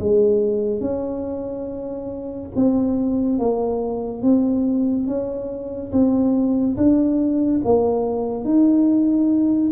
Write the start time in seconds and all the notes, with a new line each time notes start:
0.00 G#3
0.81 C#4
2.56 C4
3.39 A#3
4.23 C4
5.07 C#4
5.92 C4
6.77 D4
7.65 A#3
8.45 D#4